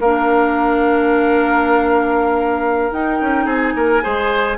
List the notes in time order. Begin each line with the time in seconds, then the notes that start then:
0.00 A#3 D4 A#4 F5
2.91 D#4 G5
3.21 C#4
3.45 C4 G#4 G#5
3.75 A#3 A#4
4.02 G#3 G#4 C5